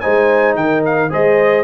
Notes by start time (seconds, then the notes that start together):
0.00 G#3 D#4 C5 G#5
0.55 D#3 A#4 G5
0.85 F5
1.10 G#3 G#4 C5 D#5